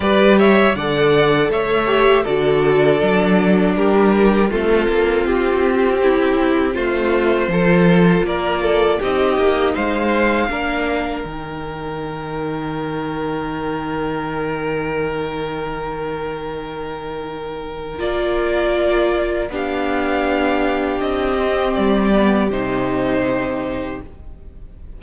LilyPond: <<
  \new Staff \with { instrumentName = "violin" } { \time 4/4 \tempo 4 = 80 d''8 e''8 fis''4 e''4 d''4~ | d''4 ais'4 a'4 g'4~ | g'4 c''2 d''4 | dis''4 f''2 g''4~ |
g''1~ | g''1 | d''2 f''2 | dis''4 d''4 c''2 | }
  \new Staff \with { instrumentName = "violin" } { \time 4/4 b'8 cis''8 d''4 cis''4 a'4~ | a'4 g'4 f'2 | e'4 f'4 a'4 ais'8 a'8 | g'4 c''4 ais'2~ |
ais'1~ | ais'1~ | ais'2 g'2~ | g'1 | }
  \new Staff \with { instrumentName = "viola" } { \time 4/4 g'4 a'4. g'8 fis'4 | d'2 c'2~ | c'2 f'2 | dis'2 d'4 dis'4~ |
dis'1~ | dis'1 | f'2 d'2~ | d'8 c'4 b8 dis'2 | }
  \new Staff \with { instrumentName = "cello" } { \time 4/4 g4 d4 a4 d4 | fis4 g4 a8 ais8 c'4~ | c'4 a4 f4 ais4 | c'8 ais8 gis4 ais4 dis4~ |
dis1~ | dis1 | ais2 b2 | c'4 g4 c2 | }
>>